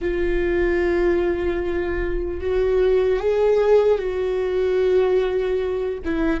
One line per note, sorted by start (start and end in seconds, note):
0.01 2.40 F4
2.40 3.19 F#4
3.19 3.98 G#4
3.98 5.98 F#4
6.04 6.40 E4